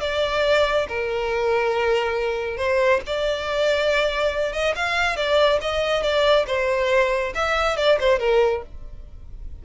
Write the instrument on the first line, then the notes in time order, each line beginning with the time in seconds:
violin
0.00 D5
0.88 A#4
2.57 C5
3.06 D5
4.53 D#5
4.75 F5
5.16 D5
5.61 D#5
6.02 D5
6.46 C5
7.35 E5
7.77 D5
8.00 C5
8.19 A#4